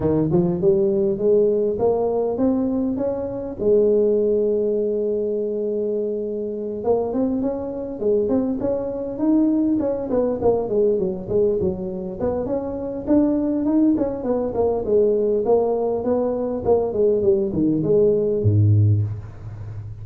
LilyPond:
\new Staff \with { instrumentName = "tuba" } { \time 4/4 \tempo 4 = 101 dis8 f8 g4 gis4 ais4 | c'4 cis'4 gis2~ | gis2.~ gis8 ais8 | c'8 cis'4 gis8 c'8 cis'4 dis'8~ |
dis'8 cis'8 b8 ais8 gis8 fis8 gis8 fis8~ | fis8 b8 cis'4 d'4 dis'8 cis'8 | b8 ais8 gis4 ais4 b4 | ais8 gis8 g8 dis8 gis4 gis,4 | }